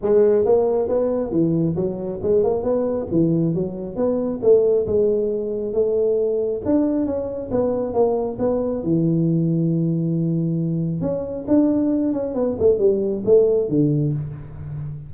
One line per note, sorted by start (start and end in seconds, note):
0.02 0.45 G#3
0.45 0.88 A#3
0.88 1.31 B3
1.31 1.75 E3
1.75 2.20 F#3
2.22 2.43 G#3
2.43 2.63 A#3
2.63 3.07 B3
3.11 3.54 E3
3.54 3.96 F#3
3.96 4.40 B3
4.42 4.86 A3
4.86 5.73 G#3
5.73 6.61 A3
6.65 7.05 D4
7.05 7.50 C#4
7.51 7.93 B3
7.93 8.37 A#3
8.38 8.83 B3
8.83 11.01 E3
11.01 11.45 C#4
11.47 12.12 D4
12.12 12.34 C#4
12.34 12.56 B3
12.59 12.78 A3
12.78 13.23 G3
13.25 13.68 A3
13.68 14.12 D3